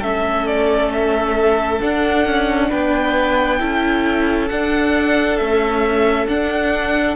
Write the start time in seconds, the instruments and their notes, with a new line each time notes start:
0.00 cello A3, viola C#4, violin A4 E5
0.47 violin D5
0.93 violin E5
1.81 viola D4, cello D4, violin F#5
2.26 cello C#4
2.70 cello B3, violin B4 G5
3.60 cello C#4, viola E4, violin A4
4.49 cello D4, viola D4, violin F#5
5.38 viola A3, cello C#4, violin E5
6.27 cello D4, viola D4, violin F#5